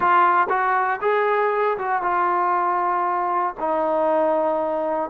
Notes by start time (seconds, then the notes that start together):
0.00 F4
0.49 F#4
1.01 G#4
1.78 F#4
2.02 F4
3.59 D#4